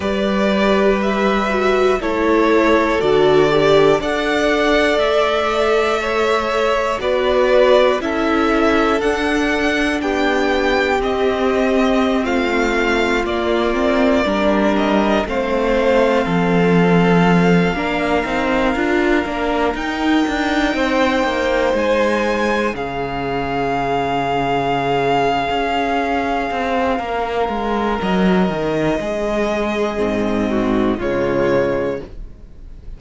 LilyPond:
<<
  \new Staff \with { instrumentName = "violin" } { \time 4/4 \tempo 4 = 60 d''4 e''4 cis''4 d''4 | fis''4 e''2 d''4 | e''4 fis''4 g''4 dis''4~ | dis''16 f''4 d''4. dis''8 f''8.~ |
f''2.~ f''8. g''16~ | g''4.~ g''16 gis''4 f''4~ f''16~ | f''1 | dis''2. cis''4 | }
  \new Staff \with { instrumentName = "violin" } { \time 4/4 b'2 a'2 | d''2 cis''4 b'4 | a'2 g'2~ | g'16 f'2 ais'4 c''8.~ |
c''16 a'4. ais'2~ ais'16~ | ais'8. c''2 gis'4~ gis'16~ | gis'2. ais'4~ | ais'4 gis'4. fis'8 f'4 | }
  \new Staff \with { instrumentName = "viola" } { \time 4/4 g'4. fis'8 e'4 fis'8 g'8 | a'2. fis'4 | e'4 d'2 c'4~ | c'4~ c'16 ais8 c'8 d'4 c'8.~ |
c'4.~ c'16 d'8 dis'8 f'8 d'8 dis'16~ | dis'2~ dis'8. cis'4~ cis'16~ | cis'1~ | cis'2 c'4 gis4 | }
  \new Staff \with { instrumentName = "cello" } { \time 4/4 g2 a4 d4 | d'4 a2 b4 | cis'4 d'4 b4 c'4~ | c'16 a4 ais4 g4 a8.~ |
a16 f4. ais8 c'8 d'8 ais8 dis'16~ | dis'16 d'8 c'8 ais8 gis4 cis4~ cis16~ | cis4. cis'4 c'8 ais8 gis8 | fis8 dis8 gis4 gis,4 cis4 | }
>>